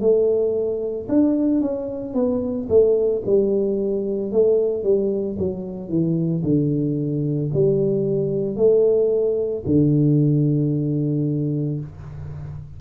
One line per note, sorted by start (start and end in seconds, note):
0.00 1.07 A3
1.08 1.61 D4
1.61 2.13 C#4
2.13 2.67 B3
2.68 3.22 A3
3.25 4.31 G3
4.31 4.83 A3
4.83 5.37 G3
5.38 5.88 F#3
5.88 6.42 E3
6.43 7.50 D3
7.53 8.56 G3
8.56 9.63 A3
9.65 11.80 D3